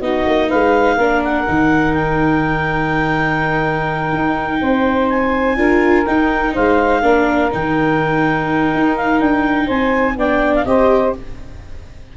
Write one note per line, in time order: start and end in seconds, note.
0.00 0.26 B3
0.00 0.99 D#4
0.00 0.48 F#4
0.00 0.50 D#5
0.27 0.51 A#3
0.48 0.97 G#3
0.48 0.96 B4
0.48 1.23 F5
0.97 1.46 A#3
0.97 1.47 D4
0.97 4.59 A#4
1.25 1.94 F#5
1.47 4.13 D#3
1.47 5.57 D#4
1.94 5.09 G5
4.13 4.61 D#4
4.61 5.57 C4
4.61 5.58 C5
5.10 6.06 G#5
5.57 6.05 D4
5.57 6.06 F4
5.57 6.54 A#4
6.06 7.03 D#4
6.06 6.56 D#4
6.06 6.55 G5
6.54 7.03 G#3
6.54 7.02 C5
6.54 7.52 F5
7.03 7.51 A#3
7.03 7.51 D4
7.03 9.67 A#4
7.52 8.74 D#3
7.52 10.18 D#4
7.52 8.97 G5
8.74 9.21 D#4
8.97 9.20 F5
9.20 9.69 D4
9.20 9.69 G5
9.67 10.17 C4
9.67 10.15 C5
9.67 10.18 G#5
10.17 10.65 B3
10.17 10.66 D4
10.17 10.67 D5
10.17 10.55 G5
10.56 10.65 F5
10.65 11.14 C4
10.65 11.15 G4
10.65 11.17 C5
10.65 11.13 D#5